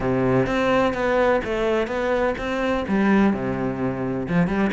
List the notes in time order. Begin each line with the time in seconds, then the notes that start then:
0.00 C3
0.46 C4
0.93 B3
1.44 A3
1.87 B3
2.38 C4
2.88 G3
3.33 C3
4.28 F3
4.47 G3